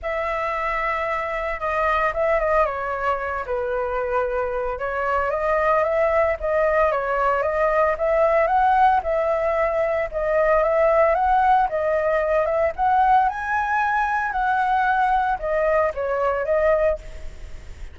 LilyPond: \new Staff \with { instrumentName = "flute" } { \time 4/4 \tempo 4 = 113 e''2. dis''4 | e''8 dis''8 cis''4. b'4.~ | b'4 cis''4 dis''4 e''4 | dis''4 cis''4 dis''4 e''4 |
fis''4 e''2 dis''4 | e''4 fis''4 dis''4. e''8 | fis''4 gis''2 fis''4~ | fis''4 dis''4 cis''4 dis''4 | }